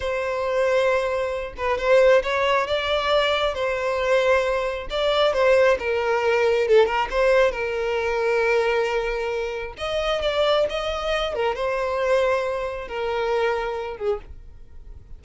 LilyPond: \new Staff \with { instrumentName = "violin" } { \time 4/4 \tempo 4 = 135 c''2.~ c''8 b'8 | c''4 cis''4 d''2 | c''2. d''4 | c''4 ais'2 a'8 ais'8 |
c''4 ais'2.~ | ais'2 dis''4 d''4 | dis''4. ais'8 c''2~ | c''4 ais'2~ ais'8 gis'8 | }